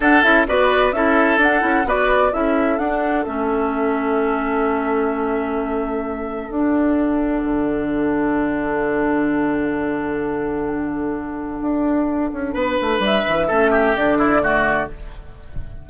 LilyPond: <<
  \new Staff \with { instrumentName = "flute" } { \time 4/4 \tempo 4 = 129 fis''8 e''8 d''4 e''4 fis''4 | d''4 e''4 fis''4 e''4~ | e''1~ | e''2 fis''2~ |
fis''1~ | fis''1~ | fis''1 | e''2 d''2 | }
  \new Staff \with { instrumentName = "oboe" } { \time 4/4 a'4 b'4 a'2 | b'4 a'2.~ | a'1~ | a'1~ |
a'1~ | a'1~ | a'2. b'4~ | b'4 a'8 g'4 e'8 fis'4 | }
  \new Staff \with { instrumentName = "clarinet" } { \time 4/4 d'8 e'8 fis'4 e'4 d'8 e'8 | fis'4 e'4 d'4 cis'4~ | cis'1~ | cis'2 d'2~ |
d'1~ | d'1~ | d'1~ | d'4 cis'4 d'4 a4 | }
  \new Staff \with { instrumentName = "bassoon" } { \time 4/4 d'8 cis'8 b4 cis'4 d'8 cis'8 | b4 cis'4 d'4 a4~ | a1~ | a2 d'2 |
d1~ | d1~ | d4 d'4. cis'8 b8 a8 | g8 e8 a4 d2 | }
>>